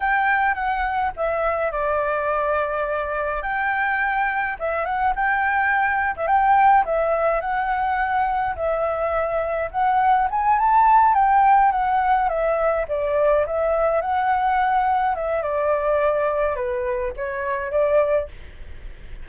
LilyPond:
\new Staff \with { instrumentName = "flute" } { \time 4/4 \tempo 4 = 105 g''4 fis''4 e''4 d''4~ | d''2 g''2 | e''8 fis''8 g''4.~ g''16 e''16 g''4 | e''4 fis''2 e''4~ |
e''4 fis''4 gis''8 a''4 g''8~ | g''8 fis''4 e''4 d''4 e''8~ | e''8 fis''2 e''8 d''4~ | d''4 b'4 cis''4 d''4 | }